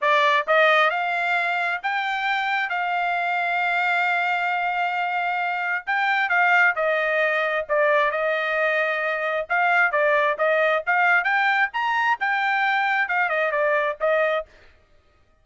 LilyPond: \new Staff \with { instrumentName = "trumpet" } { \time 4/4 \tempo 4 = 133 d''4 dis''4 f''2 | g''2 f''2~ | f''1~ | f''4 g''4 f''4 dis''4~ |
dis''4 d''4 dis''2~ | dis''4 f''4 d''4 dis''4 | f''4 g''4 ais''4 g''4~ | g''4 f''8 dis''8 d''4 dis''4 | }